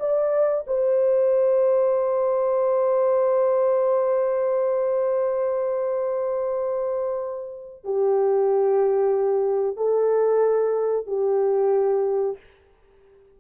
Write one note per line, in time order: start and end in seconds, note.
0.00 0.65 D5
0.67 7.85 C5
7.85 9.77 G4
9.77 11.07 A4
11.07 12.37 G4